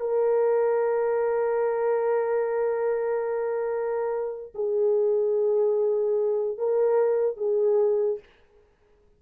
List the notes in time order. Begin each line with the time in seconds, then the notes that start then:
0.00 A#4
4.54 G#4
6.57 A#4
7.37 G#4